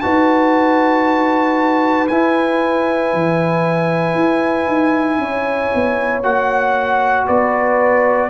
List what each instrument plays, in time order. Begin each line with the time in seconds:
0.00 tuba D#4, trombone F#4, horn B4, trumpet A5
2.07 tuba E4, trombone E4, trumpet G#5
3.13 tuba E3
4.14 tuba E4
4.66 tuba D#4
5.18 tuba C#4, horn C#5
5.74 tuba B3
6.22 tuba A#3, trombone F#4, trumpet F#5
7.25 tuba B3, horn B4, trumpet D5